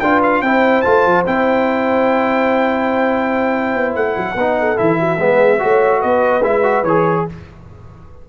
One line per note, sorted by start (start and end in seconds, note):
0.00 0.41 D4
0.00 0.45 F4
0.00 0.43 B4
0.00 0.21 G5
0.23 0.42 F5
0.41 0.82 C4
0.41 0.84 E4
0.41 4.36 C5
0.41 0.82 G5
0.82 1.05 A3
0.82 1.25 F4
0.82 1.23 A5
1.05 1.26 F3
1.26 3.75 C4
1.26 4.36 E4
1.26 3.95 G5
3.75 3.95 B3
3.95 4.16 A3
3.95 4.78 F#5
4.17 4.35 F#3
4.35 4.76 B3
4.35 4.76 D#4
4.35 4.56 B4
4.59 5.00 A4
4.76 5.18 E3
4.76 5.18 E4
4.76 6.02 E5
5.00 5.19 F#4
5.18 5.60 G#3
5.18 5.59 B3
5.18 5.60 G#4
5.59 6.04 A3
5.59 6.42 F#4
5.59 6.00 C#5
6.00 6.44 B3
6.00 7.24 B4
6.00 6.43 D#5
6.43 6.83 G#3
6.43 6.63 E4
6.43 6.84 E5
6.63 6.84 F#4
6.83 7.24 E3
6.83 7.29 G#4
6.83 7.25 C#5